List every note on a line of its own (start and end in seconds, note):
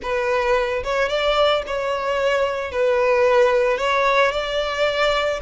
0.02 0.83 B4
0.83 1.08 C#5
1.08 1.62 D5
1.66 2.71 C#5
2.71 3.77 B4
3.77 4.31 C#5
4.31 5.39 D5